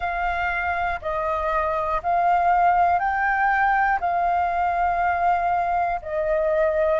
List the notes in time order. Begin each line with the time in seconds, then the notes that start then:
0.00 F5
1.01 D#5
2.02 F5
2.99 G5
4.00 F5
6.02 D#5